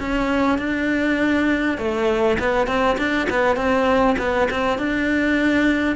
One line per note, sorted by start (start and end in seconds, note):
0.00 0.59 C#4
0.59 1.78 D4
1.78 2.38 A3
2.39 2.67 B3
2.67 2.97 C4
2.98 3.28 D4
3.30 3.56 B3
3.56 4.16 C4
4.19 4.49 B3
4.51 4.78 C4
4.78 5.96 D4